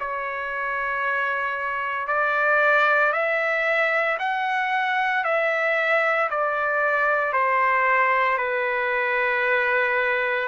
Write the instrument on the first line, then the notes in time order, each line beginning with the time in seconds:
trumpet
0.00 C#5
2.08 D5
3.13 E5
4.20 F#5
5.25 E5
6.30 D5
7.33 C5
8.38 B4